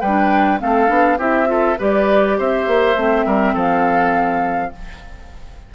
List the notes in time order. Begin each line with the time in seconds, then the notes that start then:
0.00 G3 B4 G5
0.07 D4
0.58 A3 C4 A4 F5
0.87 B3 D4
1.18 C4 E4 G4 E5
1.46 F4 A4
1.78 G3 G4 B4 D5
2.38 C4 C5 E5
2.67 A#3
2.95 A3 C4
3.26 G3 A#4
3.53 F3 A4 F5